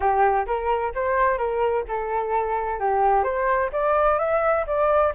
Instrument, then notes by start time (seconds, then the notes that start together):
flute
0.00 G4
0.46 A#4
0.95 C5
1.37 A#4
1.88 A4
2.79 G4
3.23 C5
3.72 D5
4.18 E5
4.66 D5